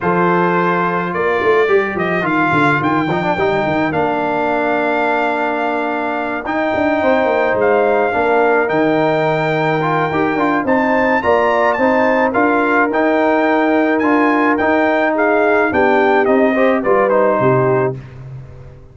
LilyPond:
<<
  \new Staff \with { instrumentName = "trumpet" } { \time 4/4 \tempo 4 = 107 c''2 d''4. dis''8 | f''4 g''2 f''4~ | f''2.~ f''8 g''8~ | g''4. f''2 g''8~ |
g''2. a''4 | ais''4 a''4 f''4 g''4~ | g''4 gis''4 g''4 f''4 | g''4 dis''4 d''8 c''4. | }
  \new Staff \with { instrumentName = "horn" } { \time 4/4 a'2 ais'2~ | ais'1~ | ais'1~ | ais'8 c''2 ais'4.~ |
ais'2. c''4 | d''4 c''4 ais'2~ | ais'2. gis'4 | g'4. c''8 b'4 g'4 | }
  \new Staff \with { instrumentName = "trombone" } { \time 4/4 f'2. g'4 | f'4. dis'16 d'16 dis'4 d'4~ | d'2.~ d'8 dis'8~ | dis'2~ dis'8 d'4 dis'8~ |
dis'4. f'8 g'8 f'8 dis'4 | f'4 dis'4 f'4 dis'4~ | dis'4 f'4 dis'2 | d'4 dis'8 g'8 f'8 dis'4. | }
  \new Staff \with { instrumentName = "tuba" } { \time 4/4 f2 ais8 a8 g8 f8 | dis8 d8 dis8 f8 g8 dis8 ais4~ | ais2.~ ais8 dis'8 | d'8 c'8 ais8 gis4 ais4 dis8~ |
dis2 dis'8 d'8 c'4 | ais4 c'4 d'4 dis'4~ | dis'4 d'4 dis'2 | b4 c'4 g4 c4 | }
>>